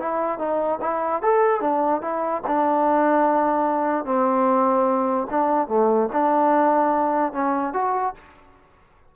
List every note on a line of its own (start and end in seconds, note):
0.00 0.39 E4
0.39 0.80 D#4
0.82 1.23 E4
1.23 1.61 A4
1.61 2.02 D4
2.02 2.43 E4
2.47 4.06 D4
4.06 5.28 C4
5.30 5.68 D4
5.68 6.09 A3
6.13 7.33 D4
7.33 7.74 C#4
7.74 8.14 F#4